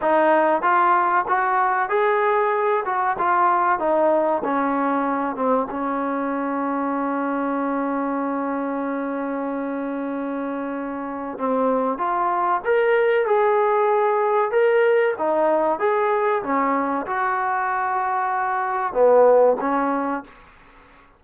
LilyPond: \new Staff \with { instrumentName = "trombone" } { \time 4/4 \tempo 4 = 95 dis'4 f'4 fis'4 gis'4~ | gis'8 fis'8 f'4 dis'4 cis'4~ | cis'8 c'8 cis'2.~ | cis'1~ |
cis'2 c'4 f'4 | ais'4 gis'2 ais'4 | dis'4 gis'4 cis'4 fis'4~ | fis'2 b4 cis'4 | }